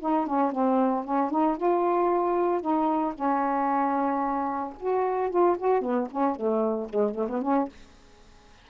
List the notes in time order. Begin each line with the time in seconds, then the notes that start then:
0.00 D#4
0.27 C#4
0.52 C4
1.04 C#4
1.30 D#4
1.57 F4
2.61 D#4
3.14 C#4
4.80 F#4
5.30 F4
5.58 F#4
5.81 B3
6.11 C#4
6.36 A3
6.89 G#3
7.15 A3
7.29 B3
7.42 C#4